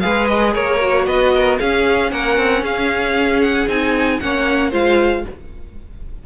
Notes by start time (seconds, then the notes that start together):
0.00 G#3 G#4 B4 F5
0.27 D#5
0.52 A#3 A#4 C#5
0.81 F#4
1.06 B3 B4 D#5
1.35 A#4
1.59 C#4 G#4 F5
2.11 A#3 A#4 F#5
2.37 C4
2.62 C#4 G#4 F5
3.42 F#5
3.67 C4 D#4 G#5
4.19 A#3 C#4 C#5 F#5
4.70 G#3 F4 C5 F5